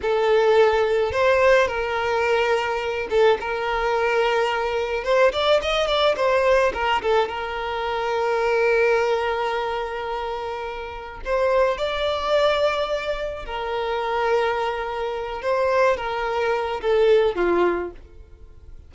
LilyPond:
\new Staff \with { instrumentName = "violin" } { \time 4/4 \tempo 4 = 107 a'2 c''4 ais'4~ | ais'4. a'8 ais'2~ | ais'4 c''8 d''8 dis''8 d''8 c''4 | ais'8 a'8 ais'2.~ |
ais'1 | c''4 d''2. | ais'2.~ ais'8 c''8~ | c''8 ais'4. a'4 f'4 | }